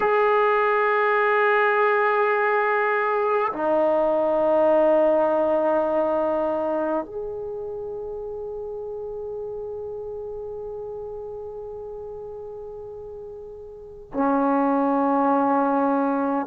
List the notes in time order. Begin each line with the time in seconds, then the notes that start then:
0.00 G#4
3.52 D#4
7.05 G#4
14.13 C#4